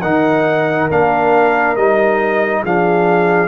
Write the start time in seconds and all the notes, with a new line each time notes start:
0.00 D#3 D#4 A#4 F#5
0.90 A#3 D4 F5
1.76 G3 D#4 D#5
2.62 F3 D4 G#4 F5